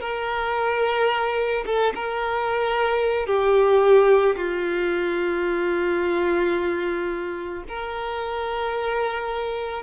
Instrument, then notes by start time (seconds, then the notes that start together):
violin
0.00 A#4
1.66 A4
1.94 A#4
3.26 G4
4.35 F4
7.68 A#4